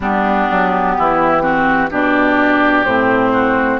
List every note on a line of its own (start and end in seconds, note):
0.00 0.48 G3
0.00 1.41 B3
0.00 0.96 D4
0.00 1.91 G4
0.50 0.97 F#3
0.97 1.90 E3
0.97 1.42 E4
1.41 1.89 C4
1.41 1.90 F#4
1.90 2.85 B2
1.90 2.86 D4
1.90 3.32 G4
1.90 2.85 D5
2.85 3.79 A2
2.85 3.79 C4
2.85 3.79 C5
3.32 3.79 F#4